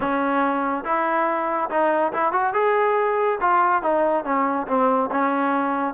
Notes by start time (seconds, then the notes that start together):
0.00 C#4
0.84 E4
1.69 D#4
2.12 E4
2.32 F#4
2.53 G#4
3.40 F4
3.82 D#4
4.24 C#4
4.67 C4
5.11 C#4